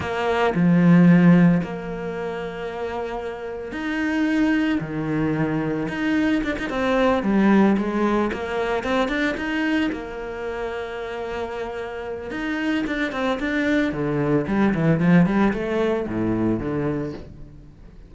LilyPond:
\new Staff \with { instrumentName = "cello" } { \time 4/4 \tempo 4 = 112 ais4 f2 ais4~ | ais2. dis'4~ | dis'4 dis2 dis'4 | d'16 dis'16 c'4 g4 gis4 ais8~ |
ais8 c'8 d'8 dis'4 ais4.~ | ais2. dis'4 | d'8 c'8 d'4 d4 g8 e8 | f8 g8 a4 a,4 d4 | }